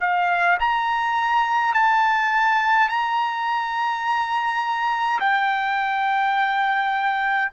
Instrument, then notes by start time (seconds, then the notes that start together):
trumpet
0.00 F5
0.59 A#5
1.74 A5
2.88 A#5
5.20 G5